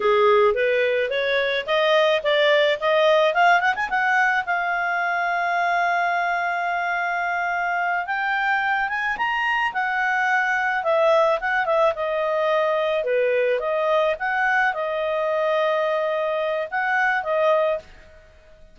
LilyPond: \new Staff \with { instrumentName = "clarinet" } { \time 4/4 \tempo 4 = 108 gis'4 b'4 cis''4 dis''4 | d''4 dis''4 f''8 fis''16 gis''16 fis''4 | f''1~ | f''2~ f''8 g''4. |
gis''8 ais''4 fis''2 e''8~ | e''8 fis''8 e''8 dis''2 b'8~ | b'8 dis''4 fis''4 dis''4.~ | dis''2 fis''4 dis''4 | }